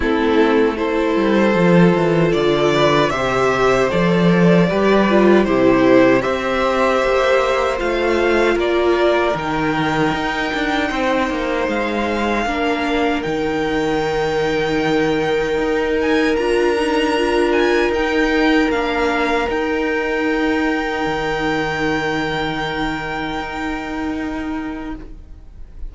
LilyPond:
<<
  \new Staff \with { instrumentName = "violin" } { \time 4/4 \tempo 4 = 77 a'4 c''2 d''4 | e''4 d''2 c''4 | e''2 f''4 d''4 | g''2. f''4~ |
f''4 g''2.~ | g''8 gis''8 ais''4. gis''8 g''4 | f''4 g''2.~ | g''1 | }
  \new Staff \with { instrumentName = "violin" } { \time 4/4 e'4 a'2~ a'8 b'8 | c''2 b'4 g'4 | c''2. ais'4~ | ais'2 c''2 |
ais'1~ | ais'1~ | ais'1~ | ais'1 | }
  \new Staff \with { instrumentName = "viola" } { \time 4/4 c'4 e'4 f'2 | g'4 a'4 g'8 f'8 e'4 | g'2 f'2 | dis'1 |
d'4 dis'2.~ | dis'4 f'8 dis'8 f'4 dis'4 | d'4 dis'2.~ | dis'1 | }
  \new Staff \with { instrumentName = "cello" } { \time 4/4 a4. g8 f8 e8 d4 | c4 f4 g4 c4 | c'4 ais4 a4 ais4 | dis4 dis'8 d'8 c'8 ais8 gis4 |
ais4 dis2. | dis'4 d'2 dis'4 | ais4 dis'2 dis4~ | dis2 dis'2 | }
>>